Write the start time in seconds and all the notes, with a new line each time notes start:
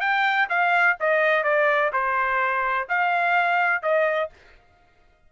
0.00 G5
0.49 F5
1.00 D#5
1.43 D5
1.92 C5
2.88 F5
3.82 D#5